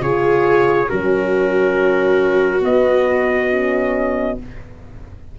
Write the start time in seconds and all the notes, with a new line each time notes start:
0.00 C#3 F4 G#4 C#5
0.88 F#3 C#4 F#4 A#4
2.60 B3 D#5
3.51 C#4